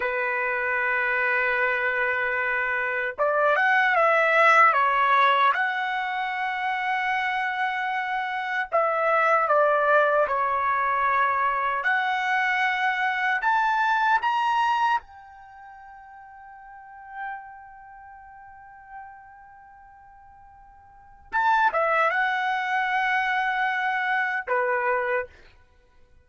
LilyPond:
\new Staff \with { instrumentName = "trumpet" } { \time 4/4 \tempo 4 = 76 b'1 | d''8 fis''8 e''4 cis''4 fis''4~ | fis''2. e''4 | d''4 cis''2 fis''4~ |
fis''4 a''4 ais''4 g''4~ | g''1~ | g''2. a''8 e''8 | fis''2. b'4 | }